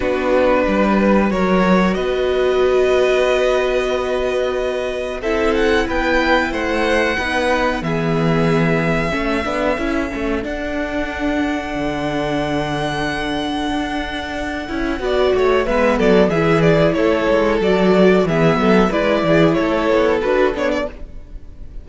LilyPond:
<<
  \new Staff \with { instrumentName = "violin" } { \time 4/4 \tempo 4 = 92 b'2 cis''4 dis''4~ | dis''1 | e''8 fis''8 g''4 fis''2 | e''1 |
fis''1~ | fis''1 | e''8 d''8 e''8 d''8 cis''4 d''4 | e''4 d''4 cis''4 b'8 cis''16 d''16 | }
  \new Staff \with { instrumentName = "violin" } { \time 4/4 fis'4 b'4 ais'4 b'4~ | b'1 | a'4 b'4 c''4 b'4 | gis'2 a'2~ |
a'1~ | a'2. d''8 cis''8 | b'8 a'8 gis'4 a'2 | gis'8 a'8 b'8 gis'8 a'2 | }
  \new Staff \with { instrumentName = "viola" } { \time 4/4 d'2 fis'2~ | fis'1 | e'2. dis'4 | b2 cis'8 d'8 e'8 cis'8 |
d'1~ | d'2~ d'8 e'8 fis'4 | b4 e'2 fis'4 | b4 e'2 fis'8 d'8 | }
  \new Staff \with { instrumentName = "cello" } { \time 4/4 b4 g4 fis4 b4~ | b1 | c'4 b4 a4 b4 | e2 a8 b8 cis'8 a8 |
d'2 d2~ | d4 d'4. cis'8 b8 a8 | gis8 fis8 e4 a8 gis8 fis4 | e8 fis8 gis8 e8 a8 b8 d'8 b8 | }
>>